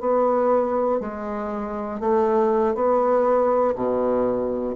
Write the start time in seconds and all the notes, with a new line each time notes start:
0.00 B3
1.00 G#3
2.00 A3
2.75 B3
3.75 B2